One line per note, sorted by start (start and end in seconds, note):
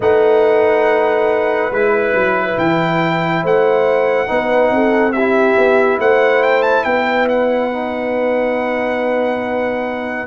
0.00 1.70 A3
0.00 1.72 D#4
0.00 3.40 B4
0.00 1.73 F#5
1.71 2.13 G#3
1.71 4.27 E4
1.71 2.58 B4
2.14 2.56 F#3
2.57 3.43 E3
2.57 3.44 G5
3.42 4.29 A3
3.42 4.28 C5
3.42 5.12 F#5
4.27 4.70 B3
4.27 5.12 D#4
4.27 4.72 B4
4.70 5.56 C4
4.70 5.14 A4
5.12 5.99 G4
5.12 5.98 E5
5.19 7.72 E4
5.57 5.99 B3
5.99 6.84 A3
5.99 6.85 C5
5.99 6.42 F#5
6.42 6.62 G5
6.62 6.84 A5
6.84 10.26 B3
6.84 10.26 B4
6.84 7.27 G5
7.28 10.26 F#5
7.72 10.26 D#4